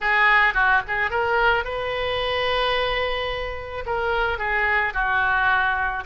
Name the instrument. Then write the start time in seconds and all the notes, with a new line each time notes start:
oboe
0.00 G#4
0.54 F#4
0.87 G#4
1.10 A#4
1.64 B4
3.86 A#4
4.38 G#4
4.93 F#4